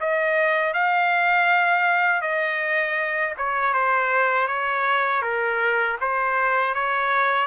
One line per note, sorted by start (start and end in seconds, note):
0.00 0.73 D#5
0.73 2.21 F5
2.21 3.34 D#5
3.37 3.73 C#5
3.73 4.47 C5
4.47 5.22 C#5
5.22 5.97 A#4
6.00 6.74 C5
6.74 7.47 C#5